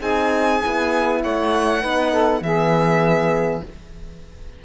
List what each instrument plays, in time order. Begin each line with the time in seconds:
0.00 cello C4, horn D#4, saxophone G#4, violin G#5
0.61 cello B3, horn E4
1.22 cello A3, saxophone C#5, violin F#5
1.81 cello B3, horn D#4, saxophone B4
2.11 saxophone A4
2.41 cello E3, horn B3, saxophone G#4, violin E5